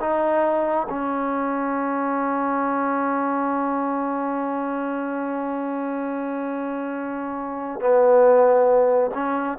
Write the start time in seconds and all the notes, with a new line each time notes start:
0.00 D#4
0.89 C#4
7.80 B3
9.14 C#4